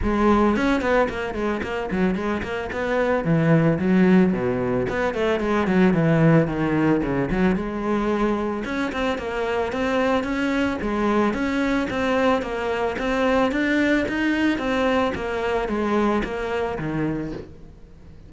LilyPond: \new Staff \with { instrumentName = "cello" } { \time 4/4 \tempo 4 = 111 gis4 cis'8 b8 ais8 gis8 ais8 fis8 | gis8 ais8 b4 e4 fis4 | b,4 b8 a8 gis8 fis8 e4 | dis4 cis8 fis8 gis2 |
cis'8 c'8 ais4 c'4 cis'4 | gis4 cis'4 c'4 ais4 | c'4 d'4 dis'4 c'4 | ais4 gis4 ais4 dis4 | }